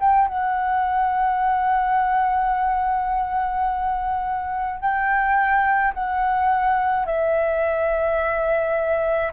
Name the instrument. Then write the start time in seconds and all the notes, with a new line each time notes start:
flute
0.00 G5
0.28 F#5
4.81 G5
5.94 F#5
7.06 E5